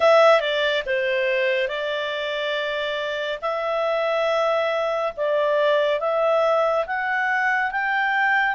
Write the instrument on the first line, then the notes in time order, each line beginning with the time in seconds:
clarinet
0.00 E5
0.40 D5
0.86 C5
1.68 D5
3.41 E5
5.17 D5
6.00 E5
6.86 F#5
7.71 G5